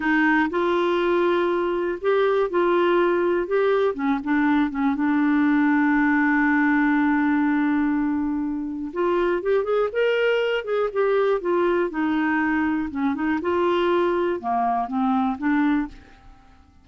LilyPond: \new Staff \with { instrumentName = "clarinet" } { \time 4/4 \tempo 4 = 121 dis'4 f'2. | g'4 f'2 g'4 | cis'8 d'4 cis'8 d'2~ | d'1~ |
d'2 f'4 g'8 gis'8 | ais'4. gis'8 g'4 f'4 | dis'2 cis'8 dis'8 f'4~ | f'4 ais4 c'4 d'4 | }